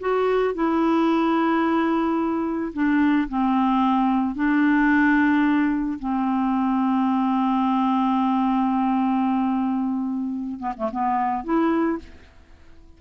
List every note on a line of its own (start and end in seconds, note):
0.00 0.55 F#4
0.55 2.73 E4
2.73 3.28 D4
3.29 4.35 C4
4.35 5.99 D4
5.99 10.60 C4
10.60 10.73 B3
10.77 10.91 A3
10.92 11.44 B3
11.44 11.99 E4